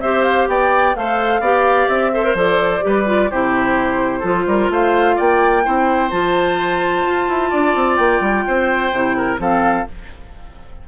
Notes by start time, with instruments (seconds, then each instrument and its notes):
0.00 bassoon C4, clarinet G4, oboe C5, flute E5
0.23 flute F5
0.47 bassoon B3, oboe D5, flute G5
0.95 bassoon A3, clarinet A4, oboe C5, flute F5
1.40 bassoon B3, clarinet G4, oboe D5
1.88 bassoon C4, flute E5
2.13 clarinet A4, oboe C5
2.24 clarinet A#4
2.34 bassoon F3, clarinet A4, flute D5
2.81 bassoon G3, clarinet G4, oboe B4
3.06 clarinet F4
3.30 bassoon C3, clarinet E4, oboe G4, flute C5
4.20 bassoon F3, clarinet F4, oboe A4
4.46 bassoon G3, oboe A#4
4.69 bassoon A3, oboe C5, flute F5
5.16 bassoon A#3, oboe D5, flute G5
5.63 bassoon C4, clarinet E4, oboe C5
6.10 bassoon F3, clarinet F4, flute A5
7.06 bassoon F4
7.28 bassoon E4
7.50 bassoon D4, oboe D5
7.75 bassoon C4
7.96 bassoon A#3, flute G5
8.20 bassoon G3
8.47 bassoon C4, oboe C5
8.92 bassoon C3, clarinet E4
9.16 oboe A#4
9.38 bassoon F3, clarinet C4, oboe A4, flute F5